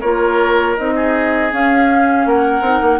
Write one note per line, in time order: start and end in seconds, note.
0.00 0.77 A#3
0.00 0.77 F4
0.00 0.94 A#4
0.00 0.75 C#5
0.77 1.52 C4
0.77 1.51 D#4
0.77 1.52 D#5
0.95 2.27 G#4
1.51 2.63 C#4
1.51 2.25 C#4
1.51 2.27 F5
2.25 2.60 A#3
2.25 2.99 A#4
2.25 2.99 F#5
2.60 2.79 C4
2.60 2.99 D#4
2.81 2.99 A#3